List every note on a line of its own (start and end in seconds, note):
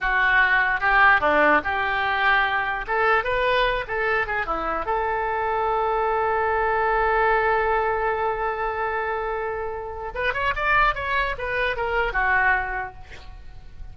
0.00 0.80 F#4
0.80 1.20 G4
1.20 1.61 D4
1.64 2.85 G4
2.87 3.23 A4
3.23 3.84 B4
3.87 4.26 A4
4.26 4.45 G#4
4.45 4.85 E4
4.85 10.12 A4
10.14 10.33 B4
10.33 10.54 C#5
10.55 10.95 D5
10.95 11.35 C#5
11.37 11.76 B4
11.76 12.12 A#4
12.12 12.93 F#4